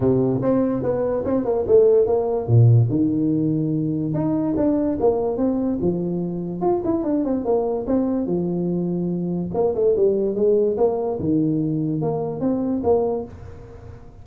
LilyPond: \new Staff \with { instrumentName = "tuba" } { \time 4/4 \tempo 4 = 145 c4 c'4 b4 c'8 ais8 | a4 ais4 ais,4 dis4~ | dis2 dis'4 d'4 | ais4 c'4 f2 |
f'8 e'8 d'8 c'8 ais4 c'4 | f2. ais8 a8 | g4 gis4 ais4 dis4~ | dis4 ais4 c'4 ais4 | }